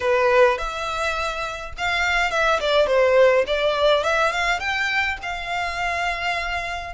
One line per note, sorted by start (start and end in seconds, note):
0.00 0.58 B4
0.58 1.73 E5
1.77 2.31 F5
2.31 2.59 E5
2.60 2.87 D5
2.87 3.44 C5
3.46 4.03 D5
4.03 4.31 E5
4.31 4.59 F5
4.59 5.17 G5
5.22 6.94 F5